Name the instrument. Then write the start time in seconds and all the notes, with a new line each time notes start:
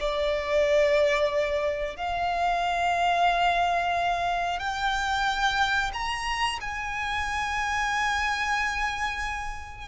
violin
0.00 D5
1.96 F5
4.59 G5
5.93 A#5
6.61 G#5